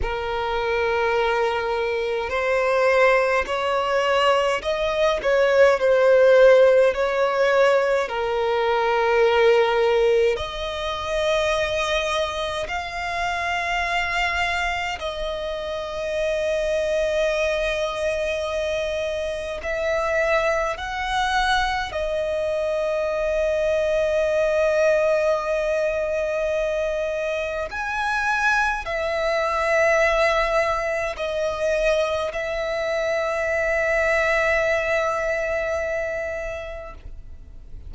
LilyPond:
\new Staff \with { instrumentName = "violin" } { \time 4/4 \tempo 4 = 52 ais'2 c''4 cis''4 | dis''8 cis''8 c''4 cis''4 ais'4~ | ais'4 dis''2 f''4~ | f''4 dis''2.~ |
dis''4 e''4 fis''4 dis''4~ | dis''1 | gis''4 e''2 dis''4 | e''1 | }